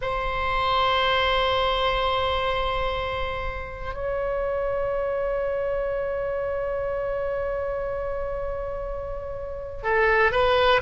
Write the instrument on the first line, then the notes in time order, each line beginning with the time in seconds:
oboe
0.01 C5
3.93 C#5
9.83 A4
10.31 B4